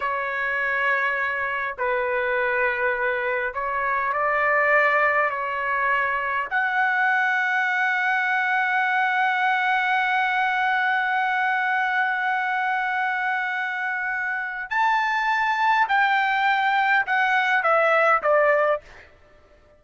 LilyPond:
\new Staff \with { instrumentName = "trumpet" } { \time 4/4 \tempo 4 = 102 cis''2. b'4~ | b'2 cis''4 d''4~ | d''4 cis''2 fis''4~ | fis''1~ |
fis''1~ | fis''1~ | fis''4 a''2 g''4~ | g''4 fis''4 e''4 d''4 | }